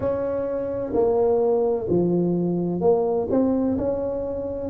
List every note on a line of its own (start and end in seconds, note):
0.00 0.92 C#4
0.93 1.87 A#3
1.89 2.80 F3
2.80 3.27 A#3
3.30 3.77 C4
3.77 4.69 C#4